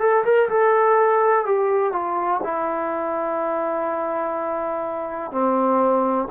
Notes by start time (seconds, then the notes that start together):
0.00 A4
0.25 A#4
0.49 A4
1.46 G4
1.93 F4
2.44 E4
5.32 C4